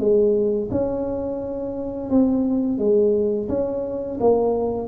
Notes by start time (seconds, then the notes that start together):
0.00 G#3
0.72 C#4
2.10 C4
2.79 G#3
3.49 C#4
4.21 A#3